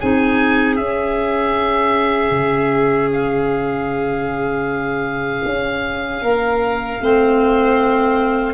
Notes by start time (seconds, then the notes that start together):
0.00 C4 D#4 G#4 G#5
0.76 C#4 E5
2.31 C#3
3.13 F5
5.45 C#4
6.23 A#3 A#4
7.01 A3 C4 C5